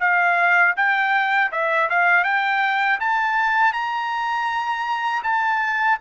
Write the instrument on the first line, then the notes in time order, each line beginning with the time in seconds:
trumpet
0.00 F5
0.76 G5
1.51 E5
1.89 F5
2.24 G5
3.00 A5
3.73 A#5
5.23 A5